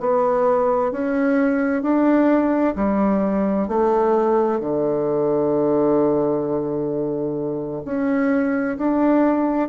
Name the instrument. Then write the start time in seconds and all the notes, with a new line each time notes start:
bassoon
0.00 B3
0.91 C#4
1.82 D4
2.75 G3
3.68 A3
4.60 D3
7.85 C#4
8.78 D4